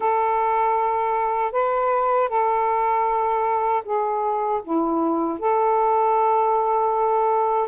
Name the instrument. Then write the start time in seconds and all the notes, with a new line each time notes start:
saxophone
0.00 A4
1.51 B4
2.29 A4
3.84 G#4
4.63 E4
5.38 A4